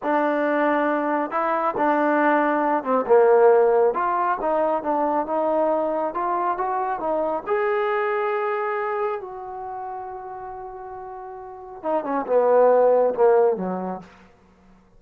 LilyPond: \new Staff \with { instrumentName = "trombone" } { \time 4/4 \tempo 4 = 137 d'2. e'4 | d'2~ d'8 c'8 ais4~ | ais4 f'4 dis'4 d'4 | dis'2 f'4 fis'4 |
dis'4 gis'2.~ | gis'4 fis'2.~ | fis'2. dis'8 cis'8 | b2 ais4 fis4 | }